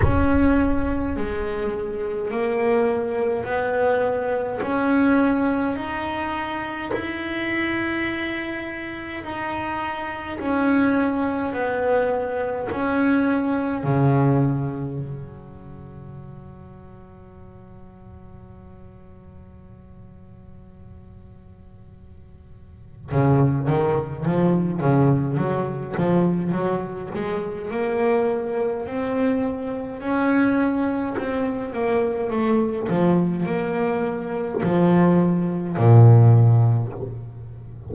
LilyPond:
\new Staff \with { instrumentName = "double bass" } { \time 4/4 \tempo 4 = 52 cis'4 gis4 ais4 b4 | cis'4 dis'4 e'2 | dis'4 cis'4 b4 cis'4 | cis4 fis2.~ |
fis1 | cis8 dis8 f8 cis8 fis8 f8 fis8 gis8 | ais4 c'4 cis'4 c'8 ais8 | a8 f8 ais4 f4 ais,4 | }